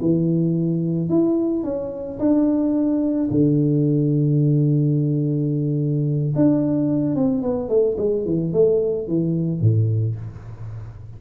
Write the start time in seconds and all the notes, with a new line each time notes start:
0.00 E3
1.09 E4
1.63 C#4
2.19 D4
3.31 D3
6.36 D4
7.15 C4
7.42 B3
7.69 A3
7.97 G#3
8.25 E3
8.52 A3
9.07 E3
9.60 A2